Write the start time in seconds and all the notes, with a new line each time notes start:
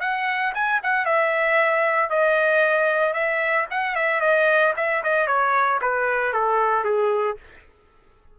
0.00 F#5
0.54 G#5
0.83 F#5
1.05 E5
2.10 D#5
3.13 E5
3.70 F#5
3.95 E5
4.20 D#5
4.77 E5
5.03 D#5
5.27 C#5
5.81 B4
6.33 A4
6.84 G#4